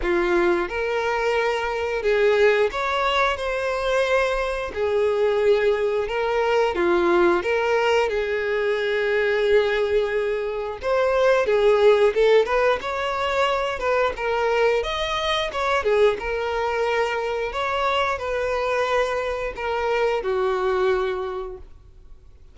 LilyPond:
\new Staff \with { instrumentName = "violin" } { \time 4/4 \tempo 4 = 89 f'4 ais'2 gis'4 | cis''4 c''2 gis'4~ | gis'4 ais'4 f'4 ais'4 | gis'1 |
c''4 gis'4 a'8 b'8 cis''4~ | cis''8 b'8 ais'4 dis''4 cis''8 gis'8 | ais'2 cis''4 b'4~ | b'4 ais'4 fis'2 | }